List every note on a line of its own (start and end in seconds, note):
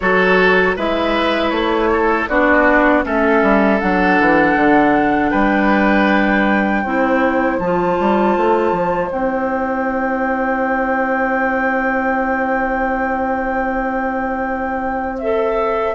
0.00 0.77 F#3
0.00 0.77 F#4
0.00 0.75 A4
0.00 0.76 C#5
0.75 1.51 G#3
0.75 2.29 E4
0.75 1.89 B4
0.75 1.49 E5
1.49 2.27 A3
1.49 2.25 C#5
1.91 2.29 A4
2.28 3.05 B3
2.28 3.03 D4
2.28 3.05 F#4
2.28 3.04 D5
3.03 3.42 A3
3.03 3.79 C#4
3.03 5.30 A4
3.03 3.80 E5
3.42 3.80 G3
3.80 4.20 F#3
3.80 6.84 D4
3.80 5.29 F#5
4.20 4.56 E3
4.56 5.31 D3
5.29 6.84 G3
5.29 6.82 B4
5.29 7.57 G5
6.83 7.59 C4
6.83 7.61 E4
6.83 15.94 C5
7.59 7.97 F3
7.59 9.10 F4
7.59 9.10 A5
8.00 8.36 G3
8.36 8.71 A3
8.71 9.09 F3
9.10 15.94 C4
9.10 15.18 E4
9.10 15.18 G5
15.18 15.94 A4
15.18 15.94 E5